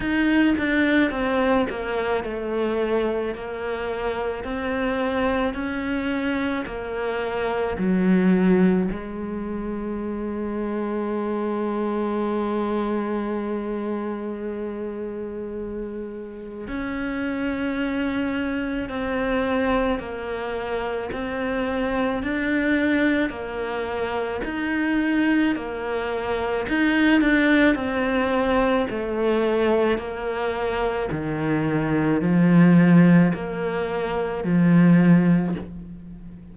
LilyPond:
\new Staff \with { instrumentName = "cello" } { \time 4/4 \tempo 4 = 54 dis'8 d'8 c'8 ais8 a4 ais4 | c'4 cis'4 ais4 fis4 | gis1~ | gis2. cis'4~ |
cis'4 c'4 ais4 c'4 | d'4 ais4 dis'4 ais4 | dis'8 d'8 c'4 a4 ais4 | dis4 f4 ais4 f4 | }